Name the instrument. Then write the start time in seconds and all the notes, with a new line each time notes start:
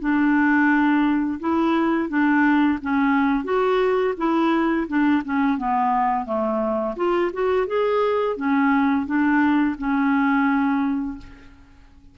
clarinet
0.00 D4
1.40 E4
2.09 D4
2.82 C#4
3.45 F#4
4.18 E4
4.88 D4
5.25 C#4
5.58 B3
6.26 A3
6.97 F4
7.33 F#4
7.67 G#4
8.37 C#4
9.06 D4
9.79 C#4